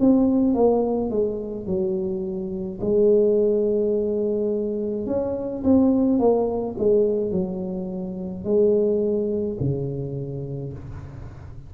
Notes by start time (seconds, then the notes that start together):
0.00 C4
0.55 A#3
1.10 G#3
1.67 F#3
2.81 G#3
5.06 C#4
5.64 C4
6.20 A#3
6.79 G#3
7.32 F#3
8.44 G#3
9.60 C#3